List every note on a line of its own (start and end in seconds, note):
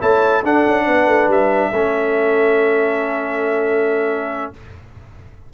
0.00 0.43 A3
0.00 0.43 E4
0.00 0.42 C#5
0.00 0.44 A5
0.42 0.65 D4
0.42 1.73 D4
0.42 0.85 A4
0.42 1.31 F#5
0.66 0.87 C#4
0.85 1.07 B3
0.85 1.71 B4
1.07 1.28 A3
1.28 1.70 G3
1.28 4.53 E5
1.72 4.50 A3
1.72 4.53 C#4
1.72 4.52 A4